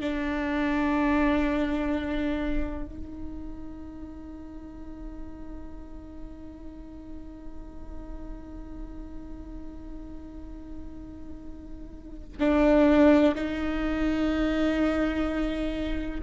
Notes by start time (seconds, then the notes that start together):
0.00 D4
2.85 D#4
12.39 D4
13.35 D#4